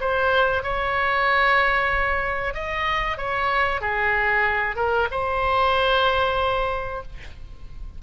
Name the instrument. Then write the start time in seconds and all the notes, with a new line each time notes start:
oboe
0.00 C5
0.62 C#5
2.54 D#5
3.17 C#5
3.80 G#4
4.75 A#4
5.11 C5